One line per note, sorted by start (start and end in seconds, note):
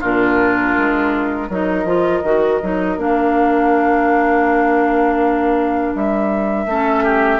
0.00 0.76 A#2
0.00 1.50 D4
0.00 1.48 F4
0.00 1.51 A#4
0.77 1.49 G#3
1.48 1.84 F#3
1.48 1.86 D#4
1.48 6.66 A#4
1.48 3.00 D#5
1.84 2.21 F3
1.84 2.23 F4
2.23 2.60 D#3
2.23 2.61 F#4
2.62 2.97 F#3
2.62 2.98 D#4
2.97 5.94 A#3
2.97 6.68 D4
2.97 5.95 F5
5.95 6.66 G3
5.95 7.40 E5
6.66 7.40 A3
6.66 7.40 C#4
6.66 7.04 A4
7.04 7.40 G4